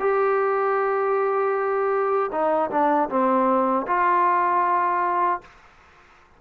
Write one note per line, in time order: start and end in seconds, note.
0.00 2.31 G4
2.32 2.70 D#4
2.71 3.09 D4
3.09 3.86 C4
3.87 5.41 F4